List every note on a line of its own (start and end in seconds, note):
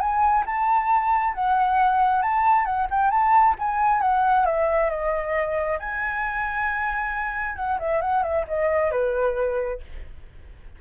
0.00 0.44 G#5
0.46 1.34 A5
1.34 2.22 F#5
2.22 2.65 A5
2.65 2.87 F#5
2.91 3.11 G5
3.11 3.55 A5
3.59 4.01 G#5
4.01 4.46 F#5
4.46 4.90 E5
4.90 5.79 D#5
5.80 7.56 G#5
7.56 7.79 F#5
7.79 8.01 E5
8.01 8.23 F#5
8.23 8.45 E5
8.48 8.92 D#5
8.92 9.80 B4